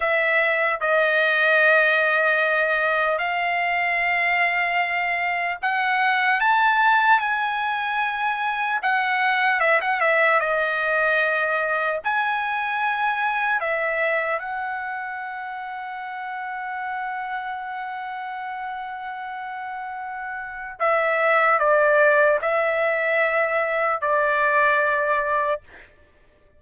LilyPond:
\new Staff \with { instrumentName = "trumpet" } { \time 4/4 \tempo 4 = 75 e''4 dis''2. | f''2. fis''4 | a''4 gis''2 fis''4 | e''16 fis''16 e''8 dis''2 gis''4~ |
gis''4 e''4 fis''2~ | fis''1~ | fis''2 e''4 d''4 | e''2 d''2 | }